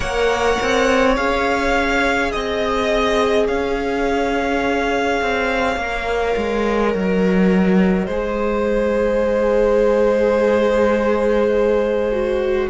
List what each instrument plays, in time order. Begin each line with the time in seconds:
0.00 cello A#3, viola A#4, violin C#5 F#5
0.62 cello C4
1.15 cello C#4, viola G#4, violin F5
2.31 cello C4, violin D#5
3.46 cello C#4, violin C#5 F5
5.21 cello C4
5.76 cello A#3, viola A#4
6.37 cello G#3
6.87 violin D#5
6.94 cello F#3
8.06 cello G#3, viola G#4, violin C5
12.12 viola F#4